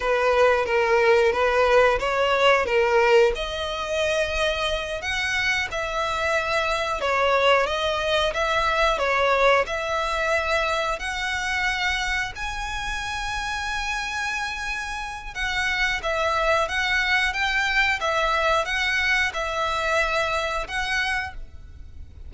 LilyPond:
\new Staff \with { instrumentName = "violin" } { \time 4/4 \tempo 4 = 90 b'4 ais'4 b'4 cis''4 | ais'4 dis''2~ dis''8 fis''8~ | fis''8 e''2 cis''4 dis''8~ | dis''8 e''4 cis''4 e''4.~ |
e''8 fis''2 gis''4.~ | gis''2. fis''4 | e''4 fis''4 g''4 e''4 | fis''4 e''2 fis''4 | }